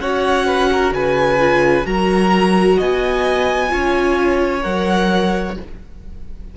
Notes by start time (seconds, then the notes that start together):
0.00 C#4 F#4 C#5 F#5
0.47 B4
0.72 A#4
0.92 C#3 B4 G#5
1.39 F4
1.85 F#3 F#4 A#4 A#5
2.77 B3 D#5 G#5
3.69 C#4 F4 C#5
4.62 F#3 A#4 F#5